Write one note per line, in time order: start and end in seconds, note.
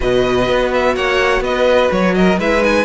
0.00 0.48 B2
0.00 2.37 F#4
0.00 0.95 B4
0.00 0.72 D#5
0.48 0.95 B3
0.73 0.95 E5
0.95 1.41 A#3
0.95 1.43 C#5
0.95 1.43 F#5
1.41 1.88 B3
1.41 2.15 B4
1.41 1.91 D#5
1.91 2.38 F#3
1.91 2.15 C#5
2.15 2.39 A#4
2.15 2.38 D#5
2.38 2.85 G#3
2.38 2.60 E4
2.38 2.85 B4
2.38 2.63 E5
2.60 2.84 D#4
2.60 2.85 G#5